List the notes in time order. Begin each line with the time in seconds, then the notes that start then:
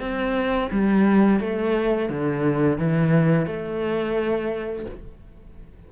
0.00 C4
0.71 G3
1.40 A3
2.09 D3
2.77 E3
3.46 A3